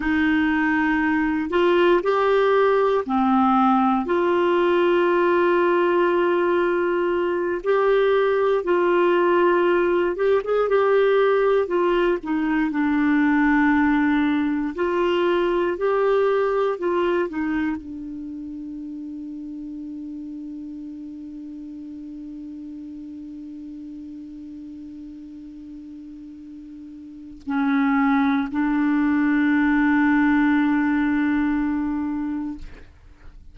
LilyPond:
\new Staff \with { instrumentName = "clarinet" } { \time 4/4 \tempo 4 = 59 dis'4. f'8 g'4 c'4 | f'2.~ f'8 g'8~ | g'8 f'4. g'16 gis'16 g'4 f'8 | dis'8 d'2 f'4 g'8~ |
g'8 f'8 dis'8 d'2~ d'8~ | d'1~ | d'2. cis'4 | d'1 | }